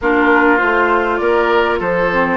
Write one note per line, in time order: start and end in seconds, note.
0.01 0.61 A#3
0.01 0.58 D4
0.01 1.20 F4
0.01 0.57 A#4
0.57 1.20 A3
0.57 2.08 F4
0.57 1.17 C5
1.17 1.79 A#3
1.17 1.79 A#4
1.17 1.77 D5
1.79 2.37 F3
1.79 2.37 A4
1.79 2.37 C5
2.12 2.37 C4